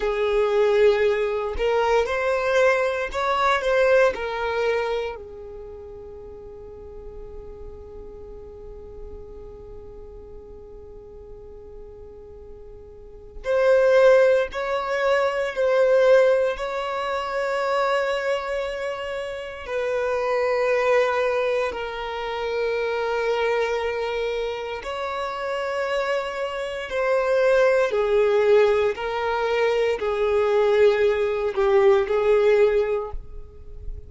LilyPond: \new Staff \with { instrumentName = "violin" } { \time 4/4 \tempo 4 = 58 gis'4. ais'8 c''4 cis''8 c''8 | ais'4 gis'2.~ | gis'1~ | gis'4 c''4 cis''4 c''4 |
cis''2. b'4~ | b'4 ais'2. | cis''2 c''4 gis'4 | ais'4 gis'4. g'8 gis'4 | }